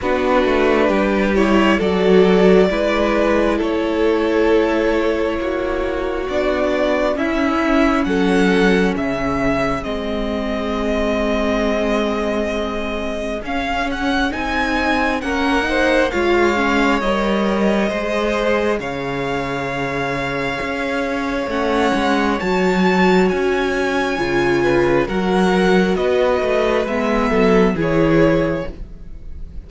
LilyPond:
<<
  \new Staff \with { instrumentName = "violin" } { \time 4/4 \tempo 4 = 67 b'4. cis''8 d''2 | cis''2. d''4 | e''4 fis''4 e''4 dis''4~ | dis''2. f''8 fis''8 |
gis''4 fis''4 f''4 dis''4~ | dis''4 f''2. | fis''4 a''4 gis''2 | fis''4 dis''4 e''4 cis''4 | }
  \new Staff \with { instrumentName = "violin" } { \time 4/4 fis'4 g'4 a'4 b'4 | a'2 fis'2 | e'4 a'4 gis'2~ | gis'1~ |
gis'4 ais'8 c''8 cis''2 | c''4 cis''2.~ | cis''2.~ cis''8 b'8 | ais'4 b'4. a'8 gis'4 | }
  \new Staff \with { instrumentName = "viola" } { \time 4/4 d'4. e'8 fis'4 e'4~ | e'2. d'4 | cis'2. c'4~ | c'2. cis'4 |
dis'4 cis'8 dis'8 f'8 cis'8 ais'4 | gis'1 | cis'4 fis'2 f'4 | fis'2 b4 e'4 | }
  \new Staff \with { instrumentName = "cello" } { \time 4/4 b8 a8 g4 fis4 gis4 | a2 ais4 b4 | cis'4 fis4 cis4 gis4~ | gis2. cis'4 |
c'4 ais4 gis4 g4 | gis4 cis2 cis'4 | a8 gis8 fis4 cis'4 cis4 | fis4 b8 a8 gis8 fis8 e4 | }
>>